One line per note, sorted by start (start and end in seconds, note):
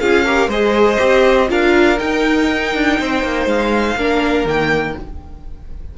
0.00 0.48 C#4
0.00 0.26 F4
0.00 0.25 G#4
0.00 0.50 F5
0.25 0.51 G4
0.25 0.50 A#4
0.48 0.97 G#3
0.48 0.98 G#4
0.48 1.49 C5
0.48 1.50 D#5
0.98 1.50 C4
0.98 1.48 G4
1.48 2.00 D4
1.48 1.97 F4
1.48 2.99 A#4
1.48 1.99 F5
1.99 3.97 D#4
1.99 2.75 D#4
1.99 3.48 G5
2.75 2.99 D4
3.00 3.24 C4
3.00 3.98 C5
3.24 3.46 A#3
3.46 3.95 G#3
3.46 4.47 F5
3.96 4.45 A#3
3.96 4.47 D4
3.96 4.97 A#4
4.45 4.94 D#3
4.45 4.96 A#3
4.45 4.98 G5